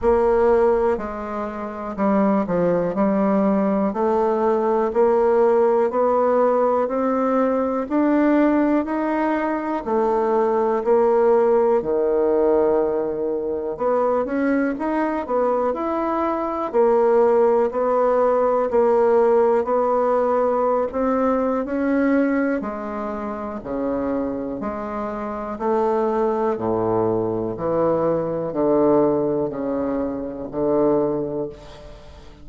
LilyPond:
\new Staff \with { instrumentName = "bassoon" } { \time 4/4 \tempo 4 = 61 ais4 gis4 g8 f8 g4 | a4 ais4 b4 c'4 | d'4 dis'4 a4 ais4 | dis2 b8 cis'8 dis'8 b8 |
e'4 ais4 b4 ais4 | b4~ b16 c'8. cis'4 gis4 | cis4 gis4 a4 a,4 | e4 d4 cis4 d4 | }